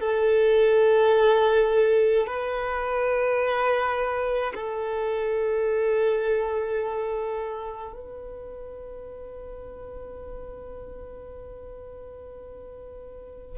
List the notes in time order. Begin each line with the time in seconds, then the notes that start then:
0.00 A4
2.26 B4
4.54 A4
7.92 B4